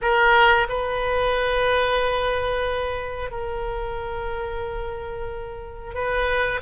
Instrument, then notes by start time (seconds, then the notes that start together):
oboe
0.01 A#4
0.68 B4
3.31 A#4
5.94 B4